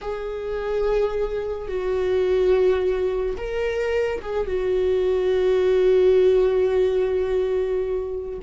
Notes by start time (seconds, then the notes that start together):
0.01 G#4
1.68 F#4
3.37 A#4
4.21 G#4
4.46 F#4